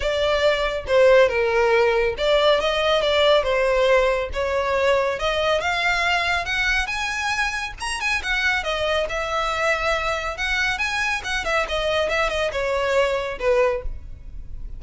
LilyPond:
\new Staff \with { instrumentName = "violin" } { \time 4/4 \tempo 4 = 139 d''2 c''4 ais'4~ | ais'4 d''4 dis''4 d''4 | c''2 cis''2 | dis''4 f''2 fis''4 |
gis''2 ais''8 gis''8 fis''4 | dis''4 e''2. | fis''4 gis''4 fis''8 e''8 dis''4 | e''8 dis''8 cis''2 b'4 | }